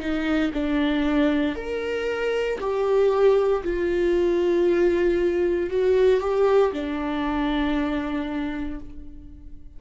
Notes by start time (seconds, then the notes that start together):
0.00 D#4
0.54 D4
1.56 A#4
2.61 G4
3.64 F4
5.70 F#4
6.21 G4
6.73 D4